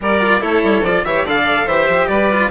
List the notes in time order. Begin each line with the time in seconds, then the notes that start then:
0.00 G3 G4 A#4 D5
0.21 F4
0.40 A3 E4 A4 C#5
0.63 G3
0.82 F3 F4 D5
1.04 E3 G4 C#5 E5
1.24 D3 A4 D5 F5
1.65 E3 G4 C5 E5
1.88 F3
2.08 G3 B4 D5
2.32 F4